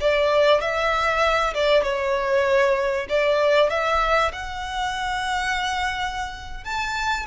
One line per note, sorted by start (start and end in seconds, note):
0.00 0.61 D5
0.61 1.54 E5
1.54 1.83 D5
1.83 3.07 C#5
3.09 3.70 D5
3.70 4.32 E5
4.32 6.64 F#5
6.64 7.26 A5